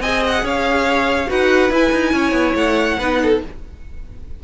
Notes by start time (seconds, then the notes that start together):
0.00 C4 G#4 D#5 G#5
0.27 F#5
0.43 C#4 C#5 F5
1.28 D#4 F#4 B4 F#5
1.70 E4 G#5
1.92 D#4
2.13 C#4 C#5
2.32 B3
2.55 A3 F#5
2.99 B3 D#4 B4
3.23 A4